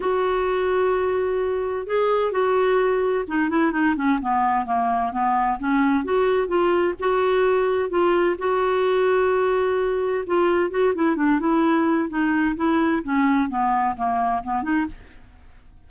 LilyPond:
\new Staff \with { instrumentName = "clarinet" } { \time 4/4 \tempo 4 = 129 fis'1 | gis'4 fis'2 dis'8 e'8 | dis'8 cis'8 b4 ais4 b4 | cis'4 fis'4 f'4 fis'4~ |
fis'4 f'4 fis'2~ | fis'2 f'4 fis'8 e'8 | d'8 e'4. dis'4 e'4 | cis'4 b4 ais4 b8 dis'8 | }